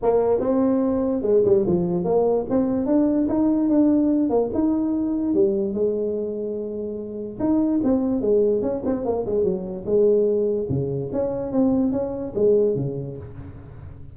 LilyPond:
\new Staff \with { instrumentName = "tuba" } { \time 4/4 \tempo 4 = 146 ais4 c'2 gis8 g8 | f4 ais4 c'4 d'4 | dis'4 d'4. ais8 dis'4~ | dis'4 g4 gis2~ |
gis2 dis'4 c'4 | gis4 cis'8 c'8 ais8 gis8 fis4 | gis2 cis4 cis'4 | c'4 cis'4 gis4 cis4 | }